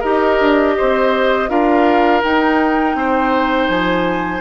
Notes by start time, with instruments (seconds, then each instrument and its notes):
0.00 bassoon D#4, clarinet G4, oboe A#4, flute D#5
0.40 bassoon D4
0.78 bassoon C4, oboe C5
1.48 bassoon D4, clarinet F4, oboe A#4, flute F5
2.23 clarinet D#4, bassoon D#4, flute G5
2.95 bassoon C4, oboe C5
3.68 bassoon F3, flute G#5